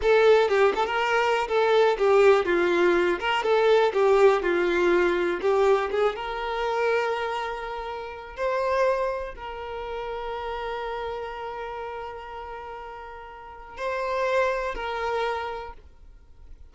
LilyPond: \new Staff \with { instrumentName = "violin" } { \time 4/4 \tempo 4 = 122 a'4 g'8 a'16 ais'4~ ais'16 a'4 | g'4 f'4. ais'8 a'4 | g'4 f'2 g'4 | gis'8 ais'2.~ ais'8~ |
ais'4 c''2 ais'4~ | ais'1~ | ais'1 | c''2 ais'2 | }